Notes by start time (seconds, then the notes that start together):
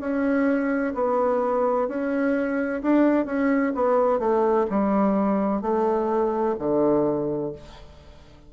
0.00 C#4
0.94 B3
1.88 C#4
2.82 D4
3.26 C#4
3.75 B3
4.19 A3
4.70 G3
5.62 A3
6.59 D3